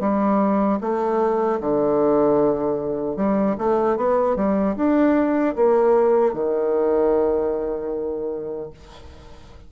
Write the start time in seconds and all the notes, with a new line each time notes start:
0.00 G3
0.81 A3
1.60 D3
3.16 G3
3.58 A3
3.97 B3
4.36 G3
4.76 D4
5.56 A#3
6.33 D#3